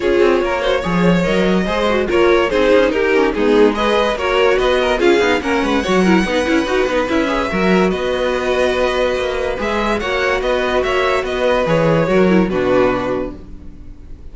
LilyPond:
<<
  \new Staff \with { instrumentName = "violin" } { \time 4/4 \tempo 4 = 144 cis''2. dis''4~ | dis''4 cis''4 c''4 ais'4 | gis'4 dis''4 cis''4 dis''4 | f''4 fis''2.~ |
fis''4 e''2 dis''4~ | dis''2. e''4 | fis''4 dis''4 e''4 dis''4 | cis''2 b'2 | }
  \new Staff \with { instrumentName = "violin" } { \time 4/4 gis'4 ais'8 c''8 cis''2 | c''4 ais'4 gis'4 g'4 | dis'4 b'4 ais'4 b'8 ais'8 | gis'4 ais'8 b'8 cis''8 ais'8 b'4~ |
b'2 ais'4 b'4~ | b'1 | cis''4 b'4 cis''4 b'4~ | b'4 ais'4 fis'2 | }
  \new Staff \with { instrumentName = "viola" } { \time 4/4 f'4. fis'8 gis'4 ais'4 | gis'8 fis'8 f'4 dis'4. cis'8 | b4 gis'4 fis'2 | f'8 dis'8 cis'4 fis'8 e'8 dis'8 e'8 |
fis'8 dis'8 e'8 gis'8 fis'2~ | fis'2. gis'4 | fis'1 | gis'4 fis'8 e'8 d'2 | }
  \new Staff \with { instrumentName = "cello" } { \time 4/4 cis'8 c'8 ais4 f4 fis4 | gis4 ais4 c'8 cis'8 dis'4 | gis2 ais4 b4 | cis'8 b8 ais8 gis8 fis4 b8 cis'8 |
dis'8 b8 cis'4 fis4 b4~ | b2 ais4 gis4 | ais4 b4 ais4 b4 | e4 fis4 b,2 | }
>>